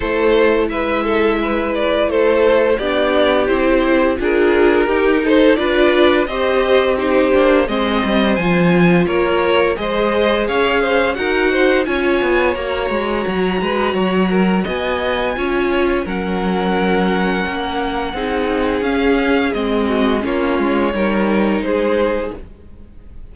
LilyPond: <<
  \new Staff \with { instrumentName = "violin" } { \time 4/4 \tempo 4 = 86 c''4 e''4. d''8 c''4 | d''4 c''4 ais'4. c''8 | d''4 dis''4 c''4 dis''4 | gis''4 cis''4 dis''4 f''4 |
fis''4 gis''4 ais''2~ | ais''4 gis''2 fis''4~ | fis''2. f''4 | dis''4 cis''2 c''4 | }
  \new Staff \with { instrumentName = "violin" } { \time 4/4 a'4 b'8 a'8 b'4 a'4 | g'2 gis'4 g'8 a'8 | b'4 c''4 g'4 c''4~ | c''4 ais'4 c''4 cis''8 c''8 |
ais'8 c''8 cis''2~ cis''8 b'8 | cis''8 ais'8 dis''4 cis''4 ais'4~ | ais'2 gis'2~ | gis'8 fis'8 f'4 ais'4 gis'4 | }
  \new Staff \with { instrumentName = "viola" } { \time 4/4 e'1 | d'4 e'4 f'4 dis'4 | f'4 g'4 dis'8 d'8 c'4 | f'2 gis'2 |
fis'4 f'4 fis'2~ | fis'2 f'4 cis'4~ | cis'2 dis'4 cis'4 | c'4 cis'4 dis'2 | }
  \new Staff \with { instrumentName = "cello" } { \time 4/4 a4 gis2 a4 | b4 c'4 d'4 dis'4 | d'4 c'4. ais8 gis8 g8 | f4 ais4 gis4 cis'4 |
dis'4 cis'8 b8 ais8 gis8 fis8 gis8 | fis4 b4 cis'4 fis4~ | fis4 ais4 c'4 cis'4 | gis4 ais8 gis8 g4 gis4 | }
>>